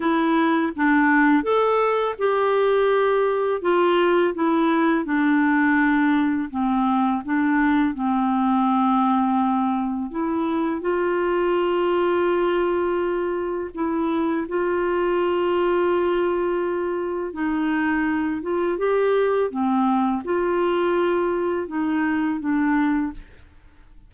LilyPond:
\new Staff \with { instrumentName = "clarinet" } { \time 4/4 \tempo 4 = 83 e'4 d'4 a'4 g'4~ | g'4 f'4 e'4 d'4~ | d'4 c'4 d'4 c'4~ | c'2 e'4 f'4~ |
f'2. e'4 | f'1 | dis'4. f'8 g'4 c'4 | f'2 dis'4 d'4 | }